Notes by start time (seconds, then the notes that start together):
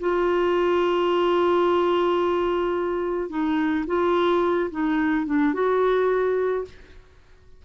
0.00 F4
3.30 D#4
3.87 F4
4.71 D#4
5.26 D4
5.54 F#4